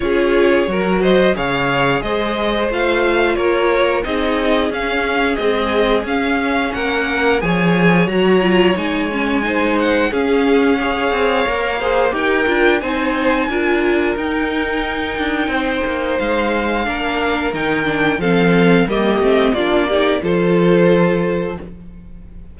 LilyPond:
<<
  \new Staff \with { instrumentName = "violin" } { \time 4/4 \tempo 4 = 89 cis''4. dis''8 f''4 dis''4 | f''4 cis''4 dis''4 f''4 | dis''4 f''4 fis''4 gis''4 | ais''4 gis''4. fis''8 f''4~ |
f''2 g''4 gis''4~ | gis''4 g''2. | f''2 g''4 f''4 | dis''4 d''4 c''2 | }
  \new Staff \with { instrumentName = "violin" } { \time 4/4 gis'4 ais'8 c''8 cis''4 c''4~ | c''4 ais'4 gis'2~ | gis'2 ais'4 cis''4~ | cis''2 c''4 gis'4 |
cis''4. c''8 ais'4 c''4 | ais'2. c''4~ | c''4 ais'2 a'4 | g'4 f'8 g'8 a'2 | }
  \new Staff \with { instrumentName = "viola" } { \time 4/4 f'4 fis'4 gis'2 | f'2 dis'4 cis'4 | gis4 cis'2 gis'4 | fis'8 f'8 dis'8 cis'8 dis'4 cis'4 |
gis'4 ais'8 gis'8 g'8 f'8 dis'4 | f'4 dis'2.~ | dis'4 d'4 dis'8 d'8 c'4 | ais8 c'8 d'8 dis'8 f'2 | }
  \new Staff \with { instrumentName = "cello" } { \time 4/4 cis'4 fis4 cis4 gis4 | a4 ais4 c'4 cis'4 | c'4 cis'4 ais4 f4 | fis4 gis2 cis'4~ |
cis'8 c'8 ais4 dis'8 d'8 c'4 | d'4 dis'4. d'8 c'8 ais8 | gis4 ais4 dis4 f4 | g8 a8 ais4 f2 | }
>>